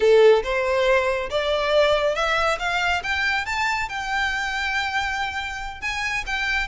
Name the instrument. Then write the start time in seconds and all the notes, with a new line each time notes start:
violin
0.00 A4
0.43 C5
1.29 D5
2.15 E5
2.59 F5
3.03 G5
3.45 A5
3.88 G5
5.81 G#5
6.26 G5